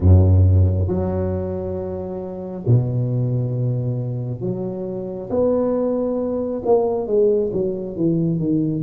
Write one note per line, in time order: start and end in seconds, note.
0.00 0.88 F#2
0.88 2.64 F#3
2.66 4.40 B2
4.40 5.29 F#3
5.29 6.62 B3
6.65 7.06 A#3
7.06 7.50 G#3
7.52 7.96 F#3
7.96 8.39 E3
8.39 8.83 D#3